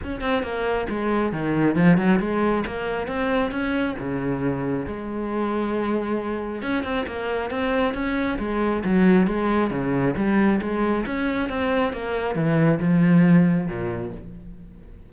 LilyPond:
\new Staff \with { instrumentName = "cello" } { \time 4/4 \tempo 4 = 136 cis'8 c'8 ais4 gis4 dis4 | f8 fis8 gis4 ais4 c'4 | cis'4 cis2 gis4~ | gis2. cis'8 c'8 |
ais4 c'4 cis'4 gis4 | fis4 gis4 cis4 g4 | gis4 cis'4 c'4 ais4 | e4 f2 ais,4 | }